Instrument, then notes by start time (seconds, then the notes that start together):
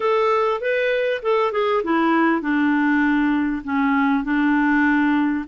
clarinet
0.00 A4
0.61 B4
1.22 A4
1.52 G#4
1.83 E4
2.41 D4
3.64 C#4
4.23 D4